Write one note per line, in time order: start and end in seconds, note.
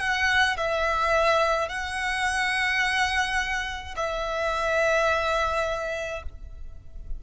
0.00 0.57 F#5
0.57 1.69 E5
1.69 3.95 F#5
3.96 6.23 E5